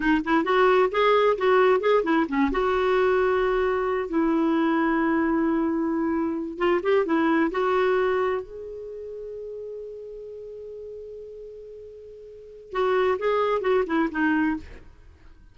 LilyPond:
\new Staff \with { instrumentName = "clarinet" } { \time 4/4 \tempo 4 = 132 dis'8 e'8 fis'4 gis'4 fis'4 | gis'8 e'8 cis'8 fis'2~ fis'8~ | fis'4 e'2.~ | e'2~ e'8 f'8 g'8 e'8~ |
e'8 fis'2 gis'4.~ | gis'1~ | gis'1 | fis'4 gis'4 fis'8 e'8 dis'4 | }